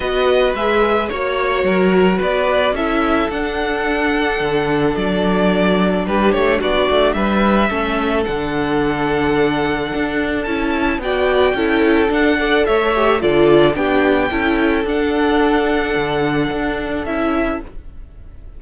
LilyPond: <<
  \new Staff \with { instrumentName = "violin" } { \time 4/4 \tempo 4 = 109 dis''4 e''4 cis''2 | d''4 e''4 fis''2~ | fis''4 d''2 b'8 cis''8 | d''4 e''2 fis''4~ |
fis''2. a''4 | g''2 fis''4 e''4 | d''4 g''2 fis''4~ | fis''2. e''4 | }
  \new Staff \with { instrumentName = "violin" } { \time 4/4 b'2 cis''4 ais'4 | b'4 a'2.~ | a'2. g'4 | fis'4 b'4 a'2~ |
a'1 | d''4 a'4. d''8 cis''4 | a'4 g'4 a'2~ | a'1 | }
  \new Staff \with { instrumentName = "viola" } { \time 4/4 fis'4 gis'4 fis'2~ | fis'4 e'4 d'2~ | d'1~ | d'2 cis'4 d'4~ |
d'2. e'4 | fis'4 e'4 d'8 a'4 g'8 | f'4 d'4 e'4 d'4~ | d'2. e'4 | }
  \new Staff \with { instrumentName = "cello" } { \time 4/4 b4 gis4 ais4 fis4 | b4 cis'4 d'2 | d4 fis2 g8 a8 | b8 a8 g4 a4 d4~ |
d2 d'4 cis'4 | b4 cis'4 d'4 a4 | d4 b4 cis'4 d'4~ | d'4 d4 d'4 cis'4 | }
>>